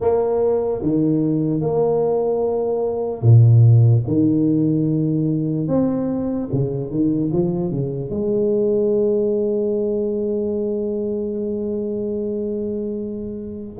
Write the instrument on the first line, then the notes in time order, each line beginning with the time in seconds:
tuba
0.00 A#3
0.82 D#3
1.60 A#3
3.21 A#2
4.07 D#3
5.67 C4
6.52 C#3
6.90 D#3
7.32 F3
7.70 C#3
8.09 G#3